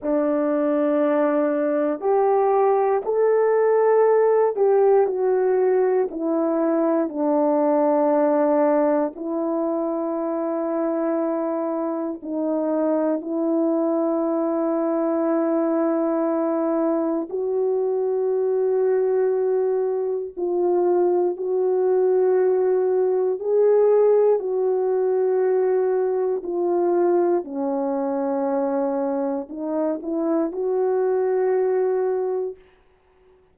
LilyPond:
\new Staff \with { instrumentName = "horn" } { \time 4/4 \tempo 4 = 59 d'2 g'4 a'4~ | a'8 g'8 fis'4 e'4 d'4~ | d'4 e'2. | dis'4 e'2.~ |
e'4 fis'2. | f'4 fis'2 gis'4 | fis'2 f'4 cis'4~ | cis'4 dis'8 e'8 fis'2 | }